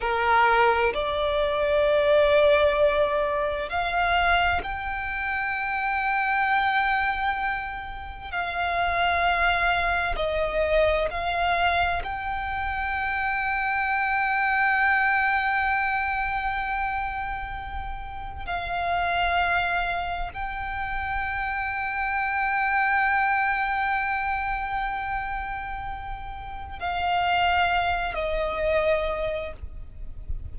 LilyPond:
\new Staff \with { instrumentName = "violin" } { \time 4/4 \tempo 4 = 65 ais'4 d''2. | f''4 g''2.~ | g''4 f''2 dis''4 | f''4 g''2.~ |
g''1 | f''2 g''2~ | g''1~ | g''4 f''4. dis''4. | }